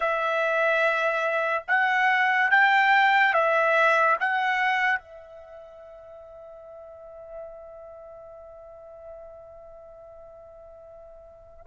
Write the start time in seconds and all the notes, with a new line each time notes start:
0.00 E5
1.67 F#5
2.50 G5
3.33 E5
4.19 F#5
4.99 E5